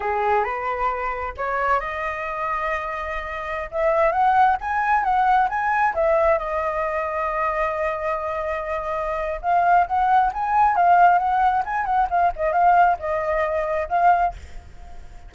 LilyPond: \new Staff \with { instrumentName = "flute" } { \time 4/4 \tempo 4 = 134 gis'4 b'2 cis''4 | dis''1~ | dis''16 e''4 fis''4 gis''4 fis''8.~ | fis''16 gis''4 e''4 dis''4.~ dis''16~ |
dis''1~ | dis''4 f''4 fis''4 gis''4 | f''4 fis''4 gis''8 fis''8 f''8 dis''8 | f''4 dis''2 f''4 | }